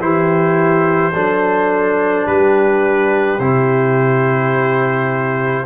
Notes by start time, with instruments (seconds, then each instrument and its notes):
0.00 tuba E3, trombone E4, horn G4, trumpet C5
1.13 tuba F#3, trombone D4, horn A4
2.27 tuba G3, horn G4, trumpet B4
3.39 tuba C3, trombone E4, trumpet C5